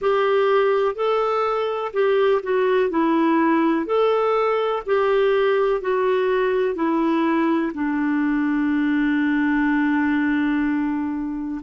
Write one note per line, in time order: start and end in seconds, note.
0.00 0.95 G4
0.95 1.91 A4
1.93 2.41 G4
2.42 2.90 F#4
2.90 3.86 E4
3.86 4.83 A4
4.86 5.81 G4
5.81 6.75 F#4
6.75 7.72 E4
7.74 11.61 D4